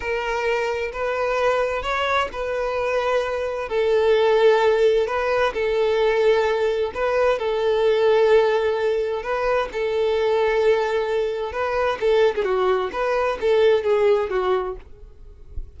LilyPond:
\new Staff \with { instrumentName = "violin" } { \time 4/4 \tempo 4 = 130 ais'2 b'2 | cis''4 b'2. | a'2. b'4 | a'2. b'4 |
a'1 | b'4 a'2.~ | a'4 b'4 a'8. gis'16 fis'4 | b'4 a'4 gis'4 fis'4 | }